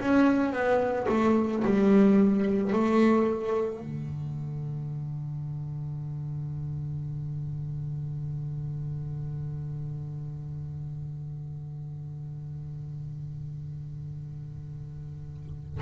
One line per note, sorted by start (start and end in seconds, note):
0.00 0.53 C#4
0.53 1.07 B3
1.09 1.63 A3
1.65 2.73 G3
2.73 3.80 A3
3.80 15.80 D3